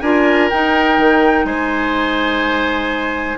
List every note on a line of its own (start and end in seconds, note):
0.00 0.50 D4
0.00 0.51 F4
0.00 1.46 A#4
0.00 0.48 G#5
0.49 3.38 D#4
0.49 0.98 D#4
0.49 1.45 G5
0.98 1.45 D#3
1.45 3.37 G#3
1.45 3.38 C5
1.45 3.37 G#5